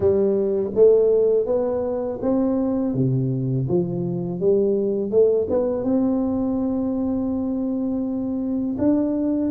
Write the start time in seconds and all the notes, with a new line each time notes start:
0.00 G3
0.75 A3
1.46 B3
2.22 C4
2.94 C3
3.68 F3
4.40 G3
5.11 A3
5.49 B3
5.83 C4
8.78 D4